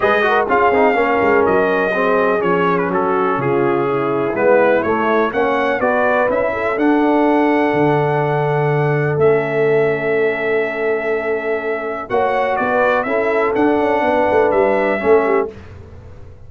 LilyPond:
<<
  \new Staff \with { instrumentName = "trumpet" } { \time 4/4 \tempo 4 = 124 dis''4 f''2 dis''4~ | dis''4 cis''8. b'16 a'4 gis'4~ | gis'4 b'4 cis''4 fis''4 | d''4 e''4 fis''2~ |
fis''2. e''4~ | e''1~ | e''4 fis''4 d''4 e''4 | fis''2 e''2 | }
  \new Staff \with { instrumentName = "horn" } { \time 4/4 b'8 ais'8 gis'4 ais'2 | gis'2 fis'4 f'4 | e'2. cis''4 | b'4. a'2~ a'8~ |
a'1~ | a'1~ | a'4 cis''4 b'4 a'4~ | a'4 b'2 a'8 g'8 | }
  \new Staff \with { instrumentName = "trombone" } { \time 4/4 gis'8 fis'8 f'8 dis'8 cis'2 | c'4 cis'2.~ | cis'4 b4 a4 cis'4 | fis'4 e'4 d'2~ |
d'2. cis'4~ | cis'1~ | cis'4 fis'2 e'4 | d'2. cis'4 | }
  \new Staff \with { instrumentName = "tuba" } { \time 4/4 gis4 cis'8 c'8 ais8 gis8 fis4~ | fis4 f4 fis4 cis4~ | cis4 gis4 a4 ais4 | b4 cis'4 d'2 |
d2. a4~ | a1~ | a4 ais4 b4 cis'4 | d'8 cis'8 b8 a8 g4 a4 | }
>>